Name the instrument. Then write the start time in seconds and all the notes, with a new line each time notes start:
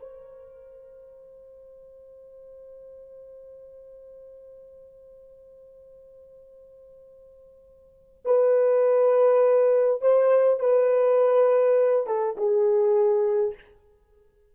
horn
0.00 C5
8.25 B4
10.02 C5
10.60 B4
12.07 A4
12.37 G#4